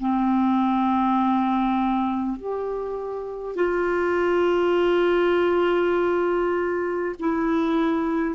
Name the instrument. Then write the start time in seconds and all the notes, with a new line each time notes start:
clarinet
0.00 C4
2.37 G4
3.55 F4
7.19 E4